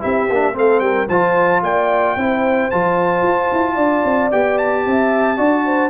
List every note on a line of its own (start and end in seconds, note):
0.00 0.30 C4
0.00 0.27 E4
0.00 0.55 G4
0.00 0.56 E5
0.30 0.56 A#3
0.30 0.53 D4
0.53 0.80 A3
0.53 1.07 C4
0.53 0.83 A4
0.53 0.80 F5
0.80 1.07 G3
0.80 1.09 A#4
0.80 1.06 G5
1.09 1.62 F3
1.09 2.19 F4
1.09 1.62 C5
1.09 1.62 A5
1.62 2.16 A#3
1.62 2.17 D5
1.62 2.71 G5
2.16 2.70 C4
2.16 2.71 E4
2.16 3.75 C5
2.71 3.23 F3
2.71 4.32 F4
2.71 4.31 A5
3.23 3.49 F4
3.53 3.76 E4
3.75 4.03 D4
3.75 4.82 D5
4.05 4.31 C4
4.32 4.86 B3
4.32 5.37 G4
4.32 4.58 G5
4.58 5.90 A5
4.86 5.39 C4
4.86 5.38 E5
5.37 5.90 D4
5.37 5.90 F#4
5.37 5.65 D5
5.66 5.90 C5